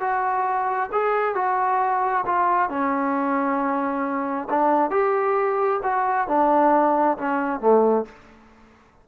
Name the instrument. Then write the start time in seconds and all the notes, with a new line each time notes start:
trombone
0.00 F#4
0.92 G#4
1.35 F#4
2.26 F4
2.69 C#4
4.50 D4
4.90 G4
5.83 F#4
6.27 D4
7.18 C#4
7.60 A3